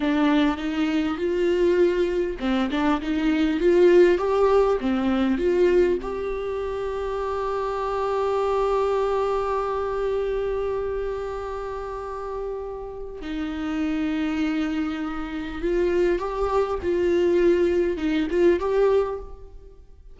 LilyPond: \new Staff \with { instrumentName = "viola" } { \time 4/4 \tempo 4 = 100 d'4 dis'4 f'2 | c'8 d'8 dis'4 f'4 g'4 | c'4 f'4 g'2~ | g'1~ |
g'1~ | g'2 dis'2~ | dis'2 f'4 g'4 | f'2 dis'8 f'8 g'4 | }